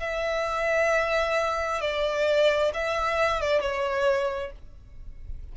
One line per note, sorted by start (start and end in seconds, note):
0.00 1.81 E5
1.81 2.72 D5
2.74 3.41 E5
3.41 3.61 D5
3.61 4.52 C#5